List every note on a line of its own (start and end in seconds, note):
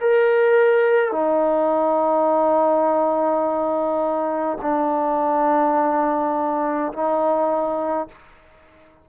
0.00 1.12 A#4
1.12 4.58 D#4
4.62 6.92 D4
6.93 8.08 D#4